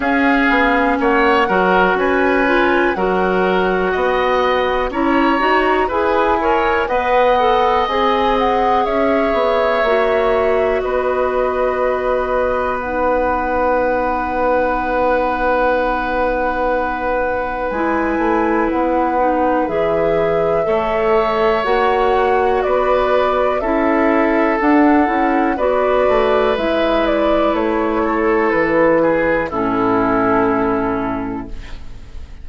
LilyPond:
<<
  \new Staff \with { instrumentName = "flute" } { \time 4/4 \tempo 4 = 61 f''4 fis''4 gis''4 fis''4~ | fis''4 ais''4 gis''4 fis''4 | gis''8 fis''8 e''2 dis''4~ | dis''4 fis''2.~ |
fis''2 gis''4 fis''4 | e''2 fis''4 d''4 | e''4 fis''4 d''4 e''8 d''8 | cis''4 b'4 a'2 | }
  \new Staff \with { instrumentName = "oboe" } { \time 4/4 gis'4 cis''8 ais'8 b'4 ais'4 | dis''4 cis''4 b'8 cis''8 dis''4~ | dis''4 cis''2 b'4~ | b'1~ |
b'1~ | b'4 cis''2 b'4 | a'2 b'2~ | b'8 a'4 gis'8 e'2 | }
  \new Staff \with { instrumentName = "clarinet" } { \time 4/4 cis'4. fis'4 f'8 fis'4~ | fis'4 e'8 fis'8 gis'8 ais'8 b'8 a'8 | gis'2 fis'2~ | fis'4 dis'2.~ |
dis'2 e'4. dis'8 | gis'4 a'4 fis'2 | e'4 d'8 e'8 fis'4 e'4~ | e'2 cis'2 | }
  \new Staff \with { instrumentName = "bassoon" } { \time 4/4 cis'8 b8 ais8 fis8 cis'4 fis4 | b4 cis'8 dis'8 e'4 b4 | c'4 cis'8 b8 ais4 b4~ | b1~ |
b2 gis8 a8 b4 | e4 a4 ais4 b4 | cis'4 d'8 cis'8 b8 a8 gis4 | a4 e4 a,2 | }
>>